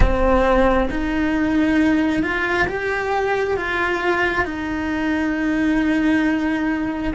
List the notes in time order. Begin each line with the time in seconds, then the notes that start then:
0.00 C4
0.90 D#4
2.22 F4
2.67 G4
3.57 F4
4.44 D#4